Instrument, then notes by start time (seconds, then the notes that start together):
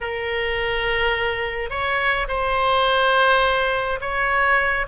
oboe
0.01 A#4
1.70 C#5
2.28 C5
4.00 C#5